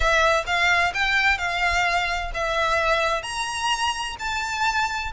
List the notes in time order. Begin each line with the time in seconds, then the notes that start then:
0.00 E5
0.46 F5
0.93 G5
1.38 F5
2.33 E5
3.22 A#5
4.19 A5